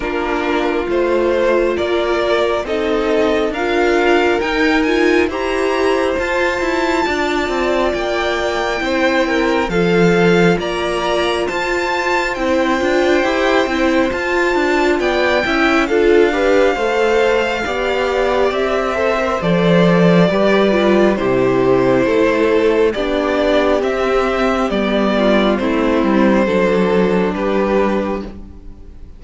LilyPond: <<
  \new Staff \with { instrumentName = "violin" } { \time 4/4 \tempo 4 = 68 ais'4 c''4 d''4 dis''4 | f''4 g''8 gis''8 ais''4 a''4~ | a''4 g''2 f''4 | ais''4 a''4 g''2 |
a''4 g''4 f''2~ | f''4 e''4 d''2 | c''2 d''4 e''4 | d''4 c''2 b'4 | }
  \new Staff \with { instrumentName = "violin" } { \time 4/4 f'2 ais'4 a'4 | ais'2 c''2 | d''2 c''8 ais'8 a'4 | d''4 c''2.~ |
c''4 d''8 e''8 a'8 b'8 c''4 | d''4. c''4. b'4 | g'4 a'4 g'2~ | g'8 f'8 e'4 a'4 g'4 | }
  \new Staff \with { instrumentName = "viola" } { \time 4/4 d'4 f'2 dis'4 | f'4 dis'8 f'8 g'4 f'4~ | f'2 e'4 f'4~ | f'2 e'8 f'8 g'8 e'8 |
f'4. e'8 f'8 g'8 a'4 | g'4. a'16 ais'16 a'4 g'8 f'8 | e'2 d'4 c'4 | b4 c'4 d'2 | }
  \new Staff \with { instrumentName = "cello" } { \time 4/4 ais4 a4 ais4 c'4 | d'4 dis'4 e'4 f'8 e'8 | d'8 c'8 ais4 c'4 f4 | ais4 f'4 c'8 d'8 e'8 c'8 |
f'8 d'8 b8 cis'8 d'4 a4 | b4 c'4 f4 g4 | c4 a4 b4 c'4 | g4 a8 g8 fis4 g4 | }
>>